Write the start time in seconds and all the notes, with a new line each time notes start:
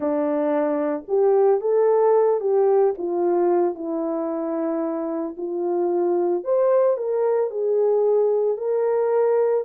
0.00 D4
1.08 G4
1.60 A4
2.40 G4
2.98 F4
3.74 E4
5.37 F4
6.44 C5
6.97 A#4
7.50 G#4
8.57 A#4